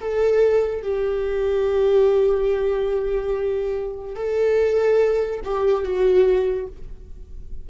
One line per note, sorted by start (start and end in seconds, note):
0.00 0.82 A4
0.82 4.16 G4
4.16 5.41 A4
5.44 5.84 G4
5.84 6.67 F#4